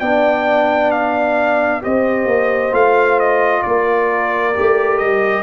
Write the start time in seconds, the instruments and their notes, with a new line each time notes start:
0.00 tuba B3, trombone D4, horn D5, trumpet G5
0.91 trumpet F5
1.81 tuba C4, trombone G4, horn C5, trumpet D#5
2.26 tuba A#3
2.72 tuba A3, trombone F4, trumpet F5
3.20 trumpet D#5
3.63 tuba A#3, horn A#4, trumpet D5
4.55 tuba A3, trombone G4
4.98 tuba G3, trumpet D#5